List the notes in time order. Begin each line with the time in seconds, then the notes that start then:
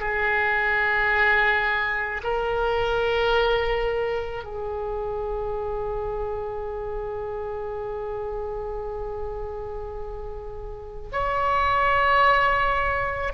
0.00 G#4
2.24 A#4
4.44 G#4
11.13 C#5